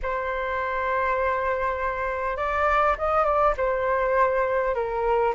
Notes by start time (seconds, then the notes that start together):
0.02 C5
2.37 D5
2.98 D#5
3.24 D5
3.57 C5
4.74 A#4